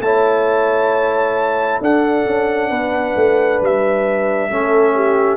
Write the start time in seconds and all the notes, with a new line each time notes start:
0.00 A3 E4 C#5 A5
1.81 D4 A4 F#5
2.26 C#4
2.70 B3 B4
3.16 A3
3.61 G3 E5
4.50 A3 C#4 A4
4.95 G4